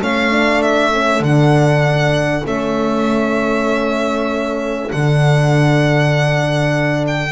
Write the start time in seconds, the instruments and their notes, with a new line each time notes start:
0.00 double bass A3, horn C#4, clarinet A4, violin F5
0.31 horn D4
0.62 violin E5
0.91 horn C#4
1.20 double bass D3, horn D4, violin F#5
2.44 double bass A3, horn C#4, violin E5
4.91 double bass D3, horn D4, violin F#5
7.07 violin G5